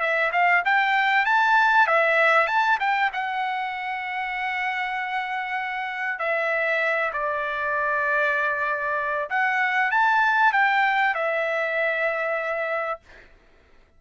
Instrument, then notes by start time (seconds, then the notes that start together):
trumpet
0.00 E5
0.32 F5
0.65 G5
1.25 A5
1.87 E5
2.47 A5
2.80 G5
3.13 F#5
6.19 E5
7.13 D5
9.30 F#5
9.91 A5
10.53 G5
11.15 E5